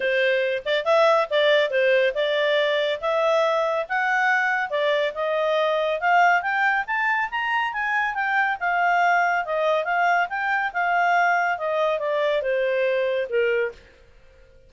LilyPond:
\new Staff \with { instrumentName = "clarinet" } { \time 4/4 \tempo 4 = 140 c''4. d''8 e''4 d''4 | c''4 d''2 e''4~ | e''4 fis''2 d''4 | dis''2 f''4 g''4 |
a''4 ais''4 gis''4 g''4 | f''2 dis''4 f''4 | g''4 f''2 dis''4 | d''4 c''2 ais'4 | }